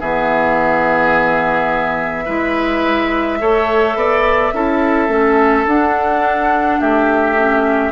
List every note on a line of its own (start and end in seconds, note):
0.00 2.28 E3
0.00 2.27 B3
0.00 2.25 G#4
0.00 5.67 E5
2.25 3.41 G#3
2.25 3.39 E4
2.25 3.38 B4
3.39 3.95 A3
3.39 4.53 A4
3.39 3.97 C#5
3.95 4.52 B3
3.95 4.54 D5
4.53 5.08 C#4
4.53 5.08 E4
4.53 6.80 A4
5.08 5.65 A3
5.08 5.65 C#4
5.66 6.79 D4
5.66 7.36 D4
5.66 6.80 F#5
6.80 7.92 A3
6.80 7.92 G4
6.80 7.92 E5
7.36 7.92 C#4